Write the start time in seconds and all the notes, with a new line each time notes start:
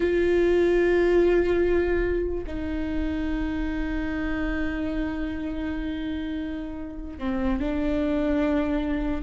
0.00 F4
2.47 D#4
7.18 C4
7.59 D4